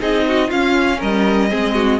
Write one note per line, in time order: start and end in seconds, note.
0.00 0.51 C4
0.00 0.50 D#4
0.00 0.25 G#4
0.00 0.50 D#5
0.28 0.48 F#4
0.48 1.01 C#4
0.48 1.50 C#4
0.48 0.98 F4
0.48 1.00 F5
0.99 1.52 G3
0.99 1.49 A#4
0.99 1.99 D#5
1.50 1.99 G#3
1.50 1.99 C4
1.50 1.75 G#4
1.75 1.99 F#4